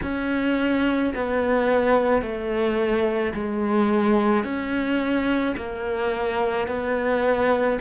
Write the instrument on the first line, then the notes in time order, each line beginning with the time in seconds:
cello
0.02 C#4
1.14 B3
2.22 A3
3.33 G#3
4.43 C#4
5.56 A#3
6.67 B3